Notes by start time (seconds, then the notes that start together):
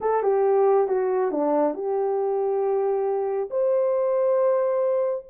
0.00 A4
0.22 G4
0.87 F#4
1.31 D4
1.74 G4
3.50 C5